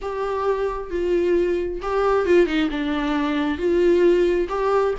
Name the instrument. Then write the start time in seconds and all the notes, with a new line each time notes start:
viola
0.01 G4
0.90 F4
1.82 G4
2.25 F4
2.46 D#4
2.70 D4
3.58 F4
4.49 G4